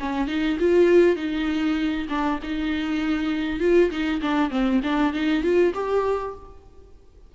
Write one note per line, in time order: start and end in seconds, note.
0.00 0.28 C#4
0.28 0.58 D#4
0.60 1.16 F4
1.16 2.07 D#4
2.09 2.39 D4
2.43 3.60 D#4
3.60 3.90 F4
3.90 4.21 D#4
4.21 4.50 D4
4.50 4.81 C4
4.83 5.13 D4
5.13 5.43 D#4
5.43 5.73 F4
5.74 6.35 G4